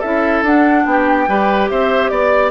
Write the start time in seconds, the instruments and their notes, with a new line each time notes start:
0.00 bassoon C#4, clarinet E4, oboe A4, flute E5
0.43 bassoon D4, clarinet D4, flute F#5
0.86 bassoon B3, oboe G4, flute G5
1.28 bassoon G3, clarinet G4, oboe B4
1.70 bassoon C4, oboe C5, flute E5
2.09 bassoon B3, flute D5, oboe D5